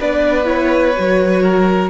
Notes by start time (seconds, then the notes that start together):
0.00 B3 D4 B4 D5
0.44 E4 C#5
0.96 F#3 F#4
1.42 A#4